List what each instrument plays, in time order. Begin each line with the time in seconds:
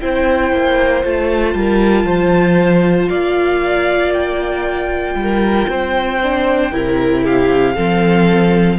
0.00 cello C4, viola E4, violin C5 G5
0.52 cello A#3
1.04 cello A3, viola F4, violin A5
1.55 cello G3, violin A#4
2.04 cello F3, violin C5
3.09 cello A#3, violin D5 F5
4.14 violin G5
5.15 cello G3
5.22 violin A#4
5.69 cello C4, violin C5
6.23 viola D4
6.72 cello C3, viola E4, violin A#4
7.24 violin G4 F5
7.75 cello F3, viola C4, violin A4